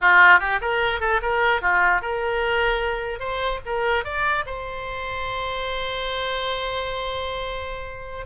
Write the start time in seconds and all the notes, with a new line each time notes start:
0.01 F4
0.39 G4
0.61 A#4
1.00 A4
1.22 A#4
1.61 F4
2.01 A#4
3.19 C5
3.65 A#4
4.04 D5
4.46 C5